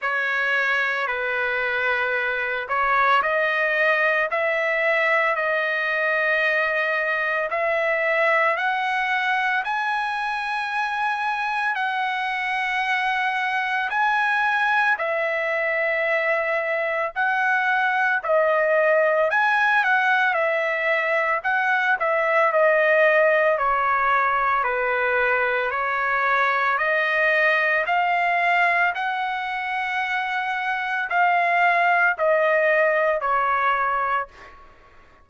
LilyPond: \new Staff \with { instrumentName = "trumpet" } { \time 4/4 \tempo 4 = 56 cis''4 b'4. cis''8 dis''4 | e''4 dis''2 e''4 | fis''4 gis''2 fis''4~ | fis''4 gis''4 e''2 |
fis''4 dis''4 gis''8 fis''8 e''4 | fis''8 e''8 dis''4 cis''4 b'4 | cis''4 dis''4 f''4 fis''4~ | fis''4 f''4 dis''4 cis''4 | }